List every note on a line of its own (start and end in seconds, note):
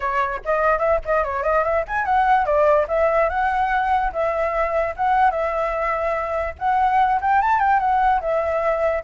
0.00 0.41 C#5
0.44 0.78 D#5
0.78 0.99 E5
1.05 1.23 D#5
1.23 1.43 C#5
1.43 1.63 D#5
1.64 1.84 E5
1.87 2.05 G#5
2.05 2.45 F#5
2.45 2.86 D5
2.88 3.29 E5
3.29 4.11 F#5
4.12 4.94 E5
4.96 5.30 F#5
5.30 6.54 E5
6.58 7.20 F#5
7.21 7.41 G5
7.41 7.59 A5
7.59 7.79 G5
7.79 8.20 F#5
8.21 9.03 E5